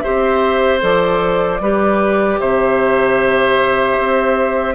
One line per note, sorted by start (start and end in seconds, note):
0.00 0.80 G4
0.00 1.62 C5
0.00 0.79 E5
0.07 0.83 C4
0.80 1.60 F3
0.80 1.59 A4
0.80 2.40 D5
1.60 2.39 G3
1.60 4.75 G4
1.60 2.40 B4
2.40 3.98 C3
2.40 4.75 C5
2.40 4.75 E5
3.99 4.75 C4